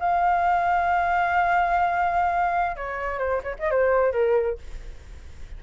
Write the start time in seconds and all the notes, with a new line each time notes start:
0.00 F5
2.77 C#5
3.19 C5
3.44 C#5
3.59 D#5
3.71 C5
4.12 A#4